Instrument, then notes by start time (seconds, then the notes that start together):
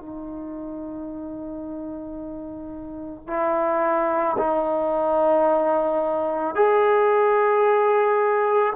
trombone
0.00 D#4
3.27 E4
4.37 D#4
6.55 G#4